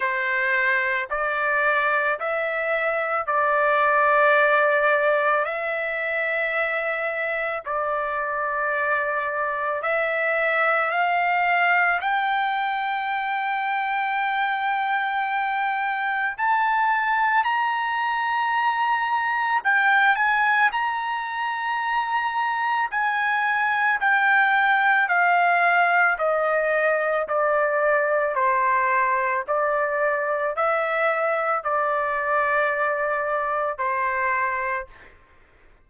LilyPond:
\new Staff \with { instrumentName = "trumpet" } { \time 4/4 \tempo 4 = 55 c''4 d''4 e''4 d''4~ | d''4 e''2 d''4~ | d''4 e''4 f''4 g''4~ | g''2. a''4 |
ais''2 g''8 gis''8 ais''4~ | ais''4 gis''4 g''4 f''4 | dis''4 d''4 c''4 d''4 | e''4 d''2 c''4 | }